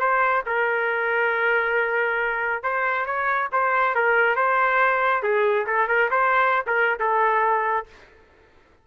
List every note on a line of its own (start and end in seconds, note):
0.00 0.43 C5
0.46 2.63 A#4
2.63 3.06 C5
3.06 3.49 C#5
3.52 3.95 C5
3.95 4.36 A#4
4.36 5.23 C5
5.23 5.66 G#4
5.66 5.88 A4
5.88 6.10 A#4
6.11 6.65 C5
6.67 6.99 A#4
6.99 7.86 A4